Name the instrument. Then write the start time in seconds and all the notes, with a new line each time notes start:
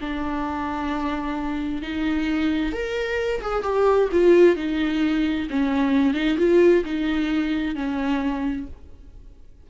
viola
0.00 D4
1.82 D#4
2.72 A#4
3.41 G#4
3.63 G4
4.12 F4
4.56 D#4
5.49 C#4
6.14 D#4
6.38 F4
6.85 D#4
7.75 C#4